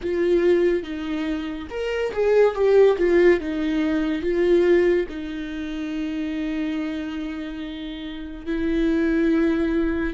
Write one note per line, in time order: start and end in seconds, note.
0.02 0.83 F4
0.83 1.67 D#4
1.69 2.12 A#4
2.12 2.54 G#4
2.54 2.97 G4
2.98 3.40 F4
3.40 4.22 D#4
4.22 5.06 F4
5.08 8.45 D#4
8.45 10.14 E4